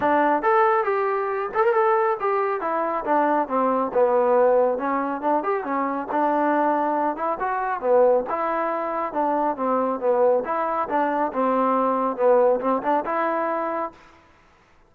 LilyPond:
\new Staff \with { instrumentName = "trombone" } { \time 4/4 \tempo 4 = 138 d'4 a'4 g'4. a'16 ais'16 | a'4 g'4 e'4 d'4 | c'4 b2 cis'4 | d'8 g'8 cis'4 d'2~ |
d'8 e'8 fis'4 b4 e'4~ | e'4 d'4 c'4 b4 | e'4 d'4 c'2 | b4 c'8 d'8 e'2 | }